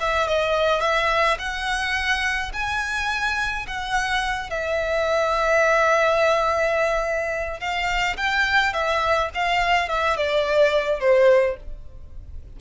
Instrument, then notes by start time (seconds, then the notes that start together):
violin
0.00 E5
0.28 D#5
0.81 E5
1.39 F#5
2.53 G#5
3.67 F#5
4.50 E5
7.60 F5
8.17 G5
8.73 E5
9.34 F5
9.89 E5
10.17 D5
11.00 C5